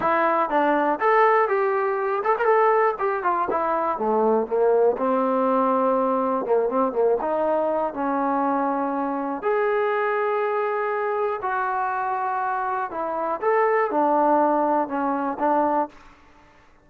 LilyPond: \new Staff \with { instrumentName = "trombone" } { \time 4/4 \tempo 4 = 121 e'4 d'4 a'4 g'4~ | g'8 a'16 ais'16 a'4 g'8 f'8 e'4 | a4 ais4 c'2~ | c'4 ais8 c'8 ais8 dis'4. |
cis'2. gis'4~ | gis'2. fis'4~ | fis'2 e'4 a'4 | d'2 cis'4 d'4 | }